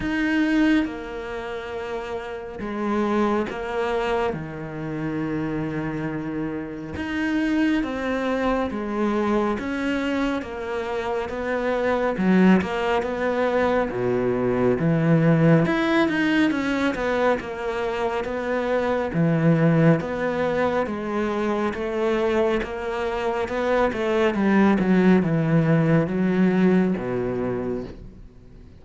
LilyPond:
\new Staff \with { instrumentName = "cello" } { \time 4/4 \tempo 4 = 69 dis'4 ais2 gis4 | ais4 dis2. | dis'4 c'4 gis4 cis'4 | ais4 b4 fis8 ais8 b4 |
b,4 e4 e'8 dis'8 cis'8 b8 | ais4 b4 e4 b4 | gis4 a4 ais4 b8 a8 | g8 fis8 e4 fis4 b,4 | }